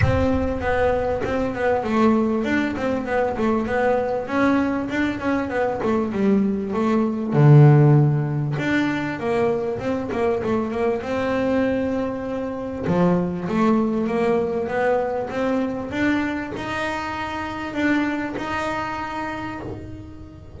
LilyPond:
\new Staff \with { instrumentName = "double bass" } { \time 4/4 \tempo 4 = 98 c'4 b4 c'8 b8 a4 | d'8 c'8 b8 a8 b4 cis'4 | d'8 cis'8 b8 a8 g4 a4 | d2 d'4 ais4 |
c'8 ais8 a8 ais8 c'2~ | c'4 f4 a4 ais4 | b4 c'4 d'4 dis'4~ | dis'4 d'4 dis'2 | }